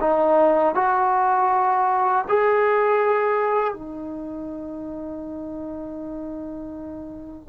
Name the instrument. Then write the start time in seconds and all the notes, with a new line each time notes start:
trombone
0.00 D#4
0.75 F#4
2.28 G#4
3.73 D#4